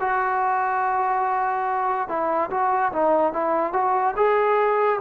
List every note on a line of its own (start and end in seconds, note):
0.00 2.08 F#4
2.08 2.50 E4
2.51 2.92 F#4
2.93 3.33 D#4
3.33 3.73 E4
3.73 4.15 F#4
4.16 5.00 G#4